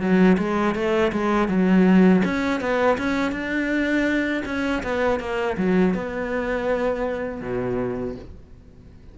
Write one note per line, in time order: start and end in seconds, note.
0.00 0.37 F#3
0.38 0.75 G#3
0.75 1.12 A3
1.12 1.48 G#3
1.48 2.22 F#3
2.25 2.61 C#4
2.61 2.98 B3
2.98 3.32 C#4
3.32 4.43 D4
4.45 4.82 C#4
4.83 5.20 B3
5.20 5.57 A#3
5.58 5.94 F#3
5.94 7.41 B3
7.41 8.15 B2